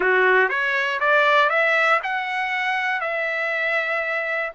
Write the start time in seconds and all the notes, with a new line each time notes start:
0.00 F#4
0.49 C#5
0.99 D5
1.49 E5
2.03 F#5
3.00 E5